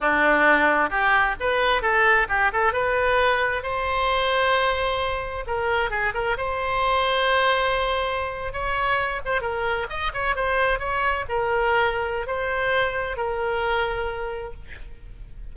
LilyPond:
\new Staff \with { instrumentName = "oboe" } { \time 4/4 \tempo 4 = 132 d'2 g'4 b'4 | a'4 g'8 a'8 b'2 | c''1 | ais'4 gis'8 ais'8 c''2~ |
c''2~ c''8. cis''4~ cis''16~ | cis''16 c''8 ais'4 dis''8 cis''8 c''4 cis''16~ | cis''8. ais'2~ ais'16 c''4~ | c''4 ais'2. | }